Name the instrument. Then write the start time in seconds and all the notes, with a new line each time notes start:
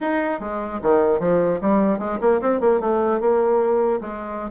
bassoon
0.01 D#4
0.40 G#3
0.82 D#3
1.19 F3
1.61 G3
1.99 G#3
2.20 A#3
2.41 C4
2.60 A#3
2.80 A3
3.20 A#3
4.00 G#3